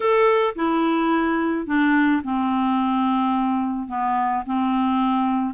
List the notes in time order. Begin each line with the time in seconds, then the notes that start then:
0.00 A4
0.55 E4
1.66 D4
2.23 C4
3.88 B3
4.46 C4